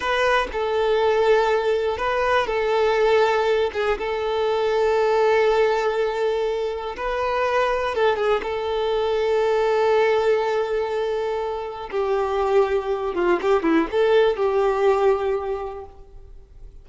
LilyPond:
\new Staff \with { instrumentName = "violin" } { \time 4/4 \tempo 4 = 121 b'4 a'2. | b'4 a'2~ a'8 gis'8 | a'1~ | a'2 b'2 |
a'8 gis'8 a'2.~ | a'1 | g'2~ g'8 f'8 g'8 e'8 | a'4 g'2. | }